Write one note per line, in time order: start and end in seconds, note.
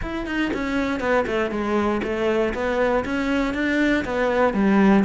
0.02 0.26 E4
0.26 0.51 D#4
0.53 0.99 C#4
0.99 1.25 B3
1.26 1.50 A3
1.50 2.01 G#3
2.03 2.53 A3
2.53 3.04 B3
3.04 3.53 C#4
3.53 4.04 D4
4.04 4.53 B3
4.53 5.04 G3